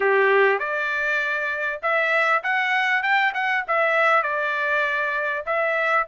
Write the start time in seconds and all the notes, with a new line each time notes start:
0.00 G4
0.59 D5
1.82 E5
2.43 F#5
3.02 G5
3.33 F#5
3.67 E5
4.23 D5
5.46 E5